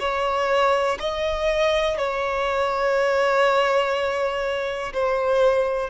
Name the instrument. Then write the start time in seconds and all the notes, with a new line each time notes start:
violin
0.00 C#5
1.00 D#5
1.98 C#5
4.94 C5